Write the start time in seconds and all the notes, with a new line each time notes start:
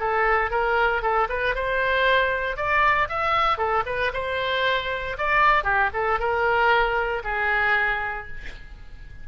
0.00 A4
0.51 A#4
1.03 A4
1.29 B4
1.55 C5
2.57 D5
3.09 E5
3.58 A4
3.86 B4
4.14 C5
5.18 D5
5.64 G4
5.94 A4
6.20 A#4
7.24 G#4